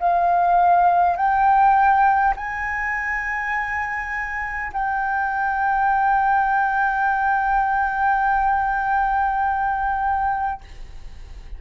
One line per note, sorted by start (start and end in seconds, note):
0.00 1.17 F5
1.17 2.34 G5
2.37 4.72 G#5
4.73 10.61 G5